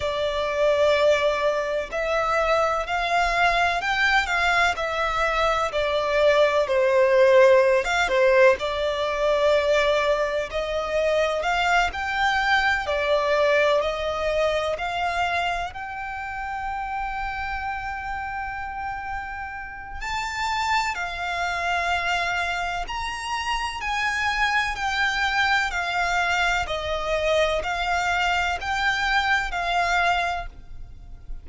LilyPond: \new Staff \with { instrumentName = "violin" } { \time 4/4 \tempo 4 = 63 d''2 e''4 f''4 | g''8 f''8 e''4 d''4 c''4~ | c''16 f''16 c''8 d''2 dis''4 | f''8 g''4 d''4 dis''4 f''8~ |
f''8 g''2.~ g''8~ | g''4 a''4 f''2 | ais''4 gis''4 g''4 f''4 | dis''4 f''4 g''4 f''4 | }